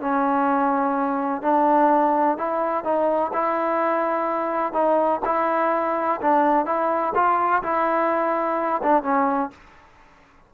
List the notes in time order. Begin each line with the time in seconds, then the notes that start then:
0.00 C#4
1.42 D4
2.37 E4
2.84 D#4
3.33 E4
4.73 D#4
5.25 E4
6.21 D4
6.65 E4
7.15 F4
7.63 E4
8.83 D4
9.02 C#4